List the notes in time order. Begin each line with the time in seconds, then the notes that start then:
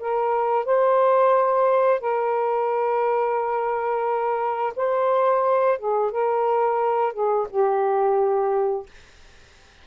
0.00 A#4
0.66 C5
2.01 A#4
4.76 C5
5.79 G#4
6.11 A#4
7.13 G#4
7.50 G4